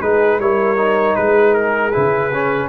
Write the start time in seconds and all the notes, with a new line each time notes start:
0.00 G#3 D#4 G#4 B4
0.38 G3 E4 A#4 C#5
0.76 D#4
1.15 G#3 G#4 B4
1.54 A#4
1.91 C#3 E4 B4
2.33 C#4